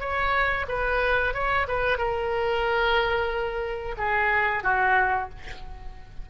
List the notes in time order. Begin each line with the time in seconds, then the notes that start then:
0.00 C#5
0.68 B4
1.34 C#5
1.68 B4
1.98 A#4
3.98 G#4
4.64 F#4